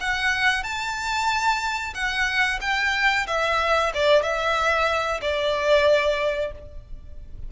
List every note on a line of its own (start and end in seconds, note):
0.00 0.63 F#5
0.63 1.94 A5
1.94 2.59 F#5
2.61 3.26 G5
3.27 3.92 E5
3.94 4.22 D5
4.22 5.20 E5
5.21 6.52 D5